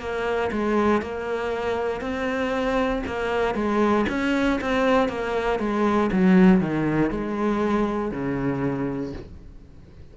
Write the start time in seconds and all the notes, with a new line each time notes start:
0.00 A#3
0.52 G#3
1.02 A#3
2.01 C4
3.07 A#3
3.55 G#3
4.09 C#4
4.61 C4
5.08 A#3
5.60 G#3
6.12 F#3
6.61 D#3
7.11 G#3
8.11 C#3